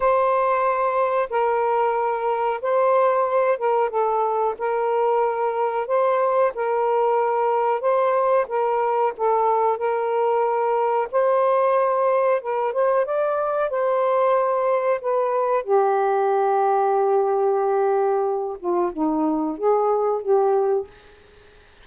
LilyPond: \new Staff \with { instrumentName = "saxophone" } { \time 4/4 \tempo 4 = 92 c''2 ais'2 | c''4. ais'8 a'4 ais'4~ | ais'4 c''4 ais'2 | c''4 ais'4 a'4 ais'4~ |
ais'4 c''2 ais'8 c''8 | d''4 c''2 b'4 | g'1~ | g'8 f'8 dis'4 gis'4 g'4 | }